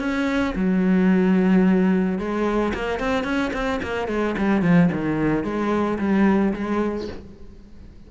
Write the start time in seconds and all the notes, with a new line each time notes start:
0.00 C#4
0.56 F#3
2.19 G#3
2.74 A#3
3.00 C4
3.25 C#4
3.54 C4
3.83 A#3
4.08 G#3
4.38 G3
4.63 F3
4.93 D#3
5.44 G#3
5.99 G3
6.54 G#3